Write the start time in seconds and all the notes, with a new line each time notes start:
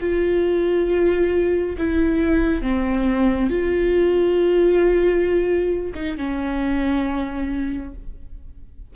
0.00 F4
1.78 E4
2.62 C4
3.50 F4
5.95 D#4
6.17 C#4